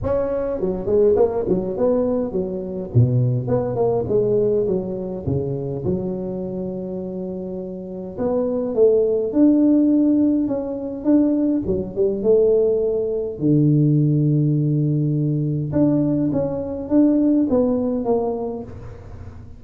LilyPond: \new Staff \with { instrumentName = "tuba" } { \time 4/4 \tempo 4 = 103 cis'4 fis8 gis8 ais8 fis8 b4 | fis4 b,4 b8 ais8 gis4 | fis4 cis4 fis2~ | fis2 b4 a4 |
d'2 cis'4 d'4 | fis8 g8 a2 d4~ | d2. d'4 | cis'4 d'4 b4 ais4 | }